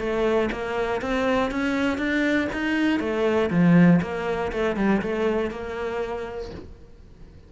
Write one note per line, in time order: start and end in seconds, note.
0.00 0.50 A3
0.52 1.02 A#3
1.02 1.52 C4
1.52 1.98 C#4
1.98 2.48 D4
2.53 3.00 D#4
3.00 3.50 A3
3.50 4.00 F3
4.02 4.52 A#3
4.52 4.77 A3
4.77 5.02 G3
5.02 5.51 A3
5.51 6.51 A#3